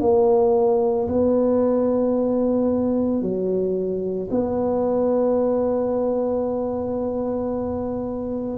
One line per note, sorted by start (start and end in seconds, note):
0.00 1.07 A#3
1.08 3.21 B3
3.21 4.29 F#3
4.30 8.57 B3